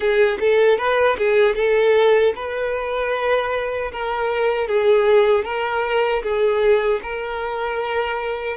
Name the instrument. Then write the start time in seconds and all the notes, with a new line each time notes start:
violin
0.00 G#4
0.40 A4
0.78 B4
1.18 G#4
1.55 A4
2.35 B4
3.92 A#4
4.67 G#4
5.44 A#4
6.22 G#4
7.02 A#4